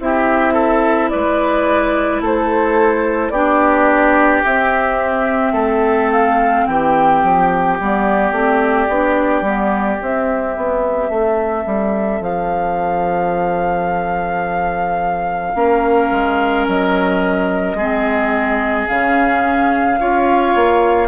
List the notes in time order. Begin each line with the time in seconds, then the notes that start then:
0.00 C4 E4 G4 E5
0.53 A4
1.10 G#3 B4 D5
2.21 A3 A4 C5
3.30 B3 D4 G4 D5
4.45 C4 E5
5.53 A3 A4
6.12 F5
6.66 E3 G4 G5
7.24 F3
7.80 G3 B3 D5
8.32 A3 C4
8.89 B3 D4
9.41 G3 B3
10.00 C4 E5
10.57 B3
11.09 A3 A4
11.66 G3
12.21 F3 F5
15.55 A#3 C#4 A#4
16.11 G#3
16.68 F#3 D#5
17.74 G#3 C4 G#4
18.88 C#3 C#4 F5
19.99 C#4 F4 C#5
20.55 A#3